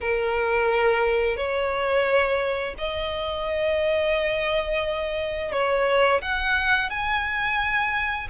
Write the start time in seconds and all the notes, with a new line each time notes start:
0.01 A#4
1.36 C#5
2.78 D#5
5.52 C#5
6.21 F#5
6.90 G#5